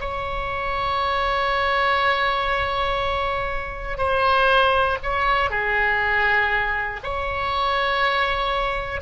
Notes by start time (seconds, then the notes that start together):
0.00 C#5
3.98 C5
5.03 C#5
5.50 G#4
7.04 C#5